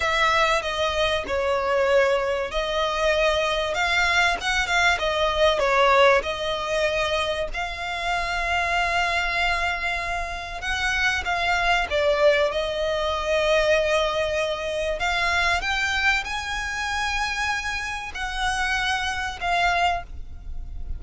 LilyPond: \new Staff \with { instrumentName = "violin" } { \time 4/4 \tempo 4 = 96 e''4 dis''4 cis''2 | dis''2 f''4 fis''8 f''8 | dis''4 cis''4 dis''2 | f''1~ |
f''4 fis''4 f''4 d''4 | dis''1 | f''4 g''4 gis''2~ | gis''4 fis''2 f''4 | }